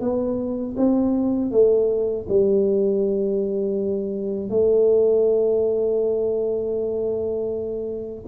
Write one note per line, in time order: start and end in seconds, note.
0.00 0.75 B3
0.77 1.51 C4
1.51 2.26 A3
2.28 4.49 G3
4.49 8.24 A3